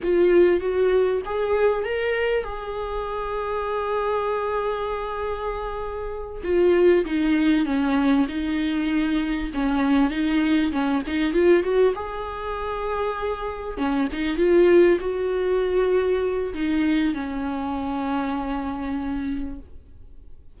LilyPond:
\new Staff \with { instrumentName = "viola" } { \time 4/4 \tempo 4 = 98 f'4 fis'4 gis'4 ais'4 | gis'1~ | gis'2~ gis'8 f'4 dis'8~ | dis'8 cis'4 dis'2 cis'8~ |
cis'8 dis'4 cis'8 dis'8 f'8 fis'8 gis'8~ | gis'2~ gis'8 cis'8 dis'8 f'8~ | f'8 fis'2~ fis'8 dis'4 | cis'1 | }